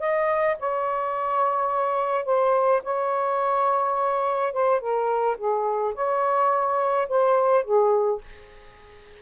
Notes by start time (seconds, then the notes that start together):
0.00 D#5
0.59 C#5
2.25 C5
2.83 C#5
4.53 C5
4.80 A#4
5.37 G#4
5.95 C#5
7.09 C5
7.64 G#4